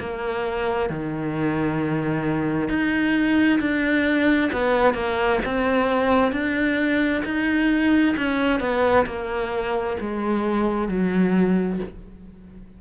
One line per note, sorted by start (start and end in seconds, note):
0.00 0.90 A#3
0.90 2.69 D#3
2.69 3.60 D#4
3.60 4.51 D4
4.52 4.94 B3
4.94 5.40 A#3
5.45 6.32 C4
6.32 7.23 D4
7.25 8.16 D#4
8.17 8.60 C#4
8.60 9.06 B3
9.06 9.97 A#3
10.00 10.89 G#3
10.89 11.80 F#3